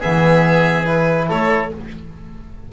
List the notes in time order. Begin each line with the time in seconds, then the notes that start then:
0.00 E3 B3 G#4 E5
0.85 E4 B4
1.28 A3 A4 C#5